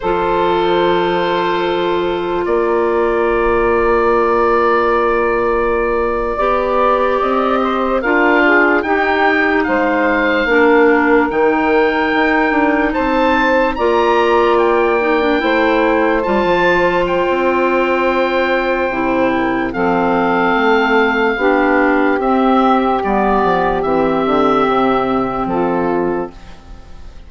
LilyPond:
<<
  \new Staff \with { instrumentName = "oboe" } { \time 4/4 \tempo 4 = 73 c''2. d''4~ | d''1~ | d''8. dis''4 f''4 g''4 f''16~ | f''4.~ f''16 g''2 a''16~ |
a''8. ais''4 g''2 a''16~ | a''8. g''2.~ g''16 | f''2. e''4 | d''4 e''2 a'4 | }
  \new Staff \with { instrumentName = "saxophone" } { \time 4/4 a'2. ais'4~ | ais'2.~ ais'8. d''16~ | d''4~ d''16 c''8 ais'8 gis'8 g'4 c''16~ | c''8. ais'2. c''16~ |
c''8. d''2 c''4~ c''16~ | c''2.~ c''8 ais'8 | a'2 g'2~ | g'2. f'4 | }
  \new Staff \with { instrumentName = "clarinet" } { \time 4/4 f'1~ | f'2.~ f'8. g'16~ | g'4.~ g'16 f'4 dis'4~ dis'16~ | dis'8. d'4 dis'2~ dis'16~ |
dis'8. f'4. dis'16 d'16 e'4 f'16~ | f'2. e'4 | c'2 d'4 c'4 | b4 c'2. | }
  \new Staff \with { instrumentName = "bassoon" } { \time 4/4 f2. ais4~ | ais2.~ ais8. b16~ | b8. c'4 d'4 dis'4 gis16~ | gis8. ais4 dis4 dis'8 d'8 c'16~ |
c'8. ais2 a4 g16 | f4 c'2 c4 | f4 a4 b4 c'4 | g8 f8 e8 d8 c4 f4 | }
>>